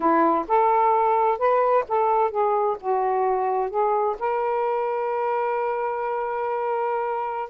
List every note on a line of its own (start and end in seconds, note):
0.00 0.45 E4
0.47 1.38 A4
1.38 1.84 B4
1.88 2.30 A4
2.30 2.77 G#4
2.80 3.69 F#4
3.69 4.16 G#4
4.19 7.49 A#4